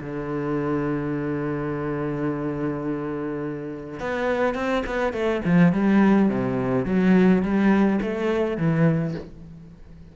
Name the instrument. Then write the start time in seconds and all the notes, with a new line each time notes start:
cello
0.00 D3
4.00 B3
4.55 C4
4.86 B3
5.13 A3
5.45 F3
5.72 G3
6.29 C3
6.85 F#3
7.43 G3
8.02 A3
8.57 E3